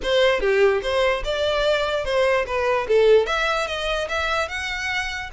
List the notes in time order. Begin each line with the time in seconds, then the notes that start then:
0.02 C5
0.40 G4
0.82 C5
1.24 D5
2.04 C5
2.46 B4
2.88 A4
3.26 E5
3.67 D#5
4.09 E5
4.48 F#5